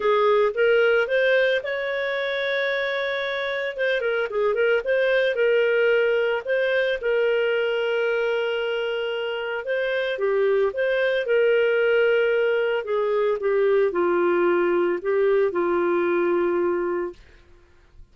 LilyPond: \new Staff \with { instrumentName = "clarinet" } { \time 4/4 \tempo 4 = 112 gis'4 ais'4 c''4 cis''4~ | cis''2. c''8 ais'8 | gis'8 ais'8 c''4 ais'2 | c''4 ais'2.~ |
ais'2 c''4 g'4 | c''4 ais'2. | gis'4 g'4 f'2 | g'4 f'2. | }